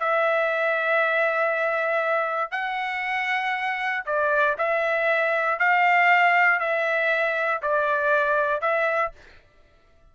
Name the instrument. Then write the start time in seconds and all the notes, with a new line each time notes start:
trumpet
0.00 E5
2.51 F#5
4.06 D5
4.58 E5
5.59 F5
6.60 E5
7.62 D5
8.62 E5